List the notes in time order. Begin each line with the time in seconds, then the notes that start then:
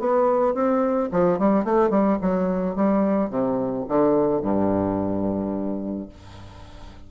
0.00 B3
0.55 C4
1.12 F3
1.39 G3
1.65 A3
1.90 G3
2.22 F#3
2.76 G3
3.31 C3
3.89 D3
4.42 G2